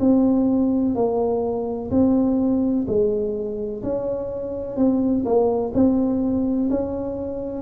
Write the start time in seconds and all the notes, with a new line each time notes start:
0.00 C4
0.95 A#3
1.90 C4
2.87 G#3
3.83 C#4
4.77 C4
5.25 A#3
5.74 C4
6.70 C#4